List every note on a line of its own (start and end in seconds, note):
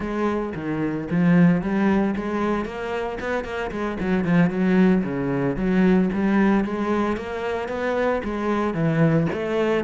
0.00 0.53 G#3
0.54 1.07 D#3
1.10 1.61 F3
1.61 2.15 G3
2.16 2.65 G#3
2.65 3.18 A#3
3.20 3.44 B3
3.44 3.70 A#3
3.71 3.97 G#3
3.99 4.24 F#3
4.24 4.50 F3
4.50 5.03 F#3
5.03 5.56 C#3
5.56 6.09 F#3
6.13 6.64 G3
6.64 7.16 G#3
7.16 7.68 A#3
7.68 8.21 B3
8.24 8.74 G#3
8.74 9.27 E3
9.32 9.84 A3